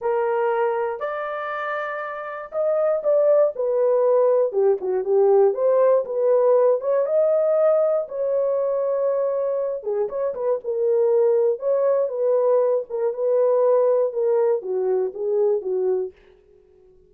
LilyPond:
\new Staff \with { instrumentName = "horn" } { \time 4/4 \tempo 4 = 119 ais'2 d''2~ | d''4 dis''4 d''4 b'4~ | b'4 g'8 fis'8 g'4 c''4 | b'4. cis''8 dis''2 |
cis''2.~ cis''8 gis'8 | cis''8 b'8 ais'2 cis''4 | b'4. ais'8 b'2 | ais'4 fis'4 gis'4 fis'4 | }